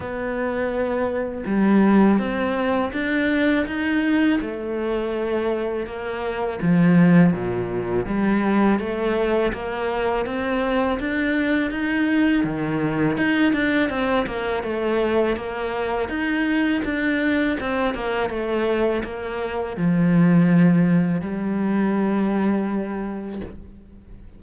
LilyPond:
\new Staff \with { instrumentName = "cello" } { \time 4/4 \tempo 4 = 82 b2 g4 c'4 | d'4 dis'4 a2 | ais4 f4 ais,4 g4 | a4 ais4 c'4 d'4 |
dis'4 dis4 dis'8 d'8 c'8 ais8 | a4 ais4 dis'4 d'4 | c'8 ais8 a4 ais4 f4~ | f4 g2. | }